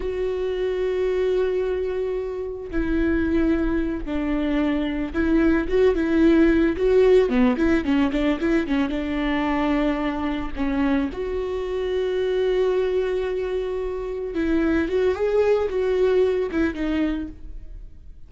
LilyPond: \new Staff \with { instrumentName = "viola" } { \time 4/4 \tempo 4 = 111 fis'1~ | fis'4 e'2~ e'8 d'8~ | d'4. e'4 fis'8 e'4~ | e'8 fis'4 b8 e'8 cis'8 d'8 e'8 |
cis'8 d'2. cis'8~ | cis'8 fis'2.~ fis'8~ | fis'2~ fis'8 e'4 fis'8 | gis'4 fis'4. e'8 dis'4 | }